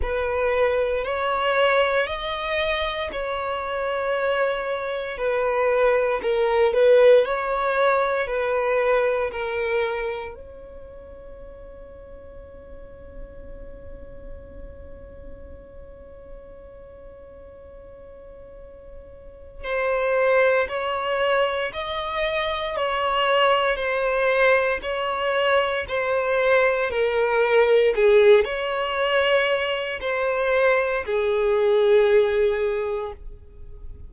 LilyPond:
\new Staff \with { instrumentName = "violin" } { \time 4/4 \tempo 4 = 58 b'4 cis''4 dis''4 cis''4~ | cis''4 b'4 ais'8 b'8 cis''4 | b'4 ais'4 cis''2~ | cis''1~ |
cis''2. c''4 | cis''4 dis''4 cis''4 c''4 | cis''4 c''4 ais'4 gis'8 cis''8~ | cis''4 c''4 gis'2 | }